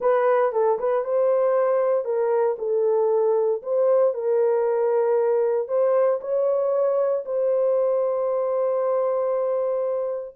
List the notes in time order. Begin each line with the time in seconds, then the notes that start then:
0.00 B4
0.52 A4
0.79 B4
1.04 C5
2.04 A#4
2.58 A4
3.62 C5
4.14 A#4
5.68 C5
6.20 C#5
7.25 C5